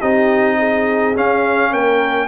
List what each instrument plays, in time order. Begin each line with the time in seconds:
0.00 tuba C4, trombone D#4, horn G4, trumpet D#5
0.59 horn G#4
1.15 trombone C#4, tuba C#4, trumpet F5
1.71 tuba A#3, horn A#4, trumpet G5